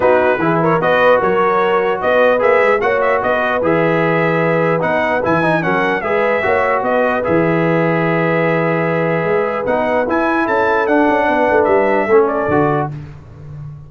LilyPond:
<<
  \new Staff \with { instrumentName = "trumpet" } { \time 4/4 \tempo 4 = 149 b'4. cis''8 dis''4 cis''4~ | cis''4 dis''4 e''4 fis''8 e''8 | dis''4 e''2. | fis''4 gis''4 fis''4 e''4~ |
e''4 dis''4 e''2~ | e''1 | fis''4 gis''4 a''4 fis''4~ | fis''4 e''4. d''4. | }
  \new Staff \with { instrumentName = "horn" } { \time 4/4 fis'4 gis'8 ais'8 b'4 ais'4~ | ais'4 b'2 cis''4 | b'1~ | b'2 ais'4 b'4 |
cis''4 b'2.~ | b'1~ | b'2 a'2 | b'2 a'2 | }
  \new Staff \with { instrumentName = "trombone" } { \time 4/4 dis'4 e'4 fis'2~ | fis'2 gis'4 fis'4~ | fis'4 gis'2. | dis'4 e'8 dis'8 cis'4 gis'4 |
fis'2 gis'2~ | gis'1 | dis'4 e'2 d'4~ | d'2 cis'4 fis'4 | }
  \new Staff \with { instrumentName = "tuba" } { \time 4/4 b4 e4 b4 fis4~ | fis4 b4 ais8 gis8 ais4 | b4 e2. | b4 e4 fis4 gis4 |
ais4 b4 e2~ | e2. gis4 | b4 e'4 cis'4 d'8 cis'8 | b8 a8 g4 a4 d4 | }
>>